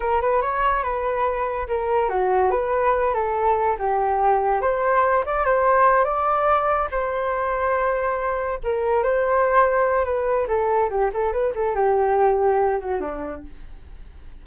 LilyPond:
\new Staff \with { instrumentName = "flute" } { \time 4/4 \tempo 4 = 143 ais'8 b'8 cis''4 b'2 | ais'4 fis'4 b'4. a'8~ | a'4 g'2 c''4~ | c''8 d''8 c''4. d''4.~ |
d''8 c''2.~ c''8~ | c''8 ais'4 c''2~ c''8 | b'4 a'4 g'8 a'8 b'8 a'8 | g'2~ g'8 fis'8 d'4 | }